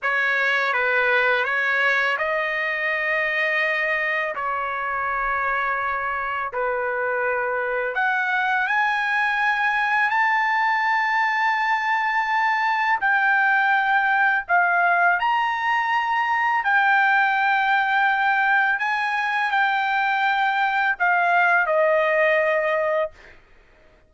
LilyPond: \new Staff \with { instrumentName = "trumpet" } { \time 4/4 \tempo 4 = 83 cis''4 b'4 cis''4 dis''4~ | dis''2 cis''2~ | cis''4 b'2 fis''4 | gis''2 a''2~ |
a''2 g''2 | f''4 ais''2 g''4~ | g''2 gis''4 g''4~ | g''4 f''4 dis''2 | }